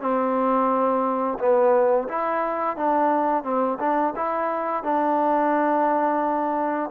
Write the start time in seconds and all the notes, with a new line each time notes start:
0.00 C4
1.39 B3
2.08 E4
2.76 D4
3.43 C4
3.79 D4
4.16 E4
4.83 D4